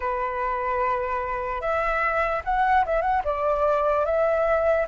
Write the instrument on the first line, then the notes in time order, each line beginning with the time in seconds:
flute
0.00 B4
1.61 E5
2.44 F#5
2.85 E5
3.01 F#5
3.24 D5
4.05 E5